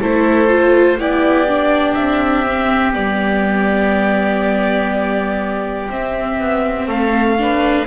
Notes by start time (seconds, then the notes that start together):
0.00 A3 E4 A4 C5
0.48 F4
0.98 B3 E4 G4 D5
1.48 D4
1.94 C4 E5
2.45 C4
2.93 G3 B3 D5
5.90 C4 E5
6.38 B3
6.87 A3 A4 F5
7.37 D4 B4